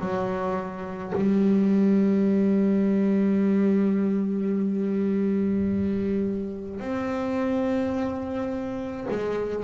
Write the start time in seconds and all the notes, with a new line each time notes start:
0.00 F#3
1.16 G3
6.80 C4
9.10 G#3